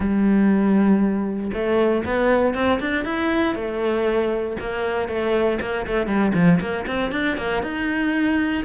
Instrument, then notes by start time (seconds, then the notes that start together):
cello
0.00 G3
1.53 A3
2.05 B3
2.54 C4
2.80 D4
3.04 E4
3.55 A3
4.60 A#3
5.08 A3
5.60 A#3
5.87 A3
6.06 G3
6.34 F3
6.60 A#3
6.86 C4
7.11 D4
7.37 A#3
7.62 D#4